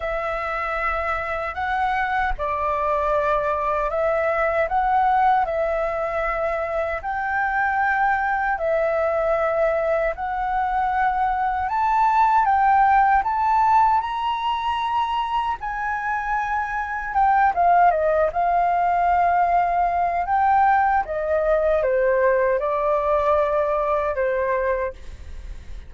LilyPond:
\new Staff \with { instrumentName = "flute" } { \time 4/4 \tempo 4 = 77 e''2 fis''4 d''4~ | d''4 e''4 fis''4 e''4~ | e''4 g''2 e''4~ | e''4 fis''2 a''4 |
g''4 a''4 ais''2 | gis''2 g''8 f''8 dis''8 f''8~ | f''2 g''4 dis''4 | c''4 d''2 c''4 | }